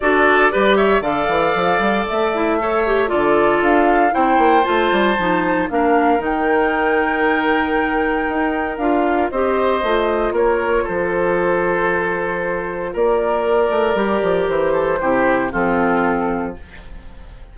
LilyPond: <<
  \new Staff \with { instrumentName = "flute" } { \time 4/4 \tempo 4 = 116 d''4. e''8 f''2 | e''2 d''4 f''4 | g''4 a''2 f''4 | g''1~ |
g''4 f''4 dis''2 | cis''4 c''2.~ | c''4 d''2. | c''2 a'2 | }
  \new Staff \with { instrumentName = "oboe" } { \time 4/4 a'4 b'8 cis''8 d''2~ | d''4 cis''4 a'2 | c''2. ais'4~ | ais'1~ |
ais'2 c''2 | ais'4 a'2.~ | a'4 ais'2.~ | ais'8 a'8 g'4 f'2 | }
  \new Staff \with { instrumentName = "clarinet" } { \time 4/4 fis'4 g'4 a'2~ | a'8 e'8 a'8 g'8 f'2 | e'4 f'4 dis'4 d'4 | dis'1~ |
dis'4 f'4 g'4 f'4~ | f'1~ | f'2. g'4~ | g'4 e'4 c'2 | }
  \new Staff \with { instrumentName = "bassoon" } { \time 4/4 d'4 g4 d8 e8 f8 g8 | a2 d4 d'4 | c'8 ais8 a8 g8 f4 ais4 | dis1 |
dis'4 d'4 c'4 a4 | ais4 f2.~ | f4 ais4. a8 g8 f8 | e4 c4 f2 | }
>>